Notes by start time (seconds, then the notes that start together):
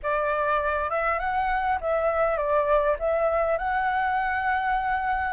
0.02 D5
0.89 E5
1.19 F#5
1.81 E5
2.37 D5
2.99 E5
3.58 F#5